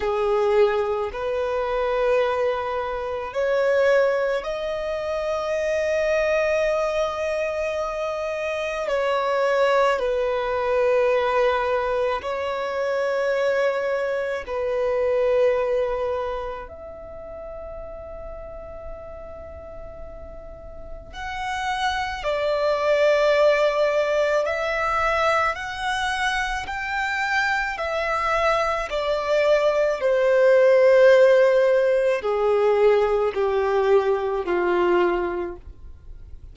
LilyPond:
\new Staff \with { instrumentName = "violin" } { \time 4/4 \tempo 4 = 54 gis'4 b'2 cis''4 | dis''1 | cis''4 b'2 cis''4~ | cis''4 b'2 e''4~ |
e''2. fis''4 | d''2 e''4 fis''4 | g''4 e''4 d''4 c''4~ | c''4 gis'4 g'4 f'4 | }